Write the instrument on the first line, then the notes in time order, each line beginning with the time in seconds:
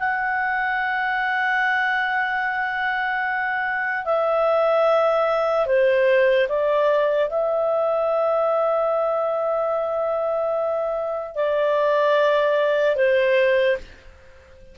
clarinet
0.00 F#5
4.05 E5
5.66 C5
6.49 D5
7.30 E5
11.35 D5
12.96 C5